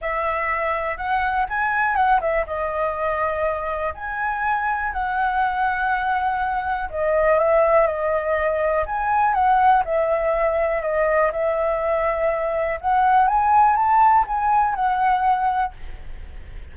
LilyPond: \new Staff \with { instrumentName = "flute" } { \time 4/4 \tempo 4 = 122 e''2 fis''4 gis''4 | fis''8 e''8 dis''2. | gis''2 fis''2~ | fis''2 dis''4 e''4 |
dis''2 gis''4 fis''4 | e''2 dis''4 e''4~ | e''2 fis''4 gis''4 | a''4 gis''4 fis''2 | }